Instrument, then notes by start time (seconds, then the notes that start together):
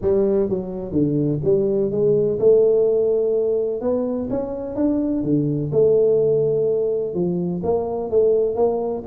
tuba
0.01 G3
0.49 F#3
0.92 D3
1.44 G3
1.91 G#3
2.39 A3
3.81 B3
4.29 C#4
4.75 D4
5.23 D3
5.72 A3
7.14 F3
7.63 A#3
8.10 A3
8.55 A#3